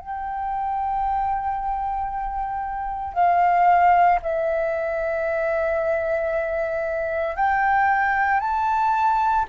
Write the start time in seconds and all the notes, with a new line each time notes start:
0.00 G5
3.14 F5
4.23 E5
7.36 G5
8.40 A5